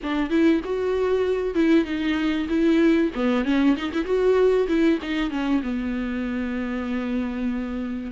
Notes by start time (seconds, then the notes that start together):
0.03 D4
0.30 E4
0.64 F#4
1.54 E4
1.84 D#4
2.48 E4
3.14 B3
3.45 C#4
3.76 D#4
3.93 E4
4.05 F#4
4.68 E4
5.01 D#4
5.30 C#4
5.62 B3